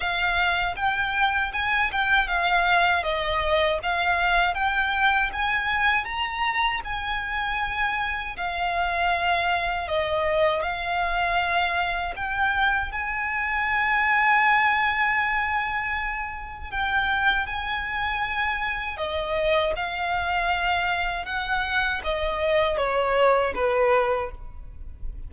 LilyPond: \new Staff \with { instrumentName = "violin" } { \time 4/4 \tempo 4 = 79 f''4 g''4 gis''8 g''8 f''4 | dis''4 f''4 g''4 gis''4 | ais''4 gis''2 f''4~ | f''4 dis''4 f''2 |
g''4 gis''2.~ | gis''2 g''4 gis''4~ | gis''4 dis''4 f''2 | fis''4 dis''4 cis''4 b'4 | }